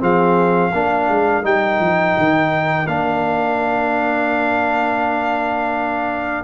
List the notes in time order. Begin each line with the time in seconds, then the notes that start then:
0.00 F3 C4 G#4 F5
0.72 A#3 D4 A#4
1.09 G#3
1.43 G3 D#4 G5
1.80 F3
2.18 D#3
2.88 A#3 D4 F5